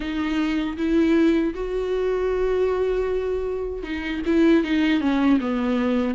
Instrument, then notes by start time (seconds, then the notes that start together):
viola
0.00 D#4
0.77 E4
1.54 F#4
3.83 D#4
4.26 E4
4.64 D#4
5.00 C#4
5.40 B3